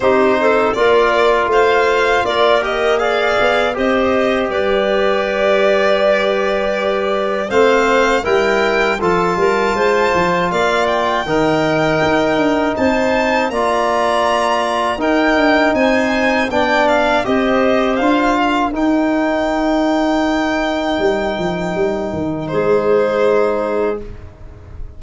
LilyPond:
<<
  \new Staff \with { instrumentName = "violin" } { \time 4/4 \tempo 4 = 80 c''4 d''4 f''4 d''8 dis''8 | f''4 dis''4 d''2~ | d''2 f''4 g''4 | a''2 f''8 g''4.~ |
g''4 a''4 ais''2 | g''4 gis''4 g''8 f''8 dis''4 | f''4 g''2.~ | g''2 c''2 | }
  \new Staff \with { instrumentName = "clarinet" } { \time 4/4 g'8 a'8 ais'4 c''4 ais'4 | d''4 c''4 b'2~ | b'2 c''4 ais'4 | a'8 ais'8 c''4 d''4 ais'4~ |
ais'4 c''4 d''2 | ais'4 c''4 d''4 c''4~ | c''8 ais'2.~ ais'8~ | ais'2 gis'2 | }
  \new Staff \with { instrumentName = "trombone" } { \time 4/4 dis'4 f'2~ f'8 g'8 | gis'4 g'2.~ | g'2 c'4 e'4 | f'2. dis'4~ |
dis'2 f'2 | dis'2 d'4 g'4 | f'4 dis'2.~ | dis'1 | }
  \new Staff \with { instrumentName = "tuba" } { \time 4/4 c'4 ais4 a4 ais4~ | ais8 b8 c'4 g2~ | g2 a4 g4 | f8 g8 gis8 f8 ais4 dis4 |
dis'8 d'8 c'4 ais2 | dis'8 d'8 c'4 b4 c'4 | d'4 dis'2. | g8 f8 g8 dis8 gis2 | }
>>